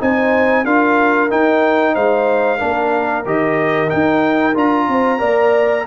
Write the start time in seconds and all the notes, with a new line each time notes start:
0.00 C4 D#4 C5 G#5
0.65 D4 F4 A#4 F5
1.30 D#4 G5
1.94 G#3 C5 F5
2.58 A#3 D4 A#4
3.26 D#3 G4 D#5
3.88 D#4 G5
4.55 D4 F4 A#5
4.89 C4 C5
5.19 A#3 A#4 D5